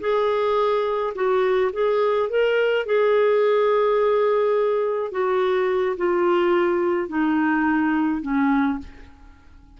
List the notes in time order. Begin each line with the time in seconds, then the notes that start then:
0.00 G#4
1.14 F#4
1.72 G#4
2.29 A#4
2.85 G#4
5.11 F#4
5.97 F4
7.09 D#4
8.22 C#4